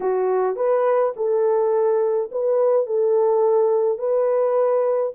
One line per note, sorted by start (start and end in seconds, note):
0.00 0.56 F#4
0.56 1.13 B4
1.16 2.30 A4
2.31 2.86 B4
2.86 3.98 A4
3.98 5.12 B4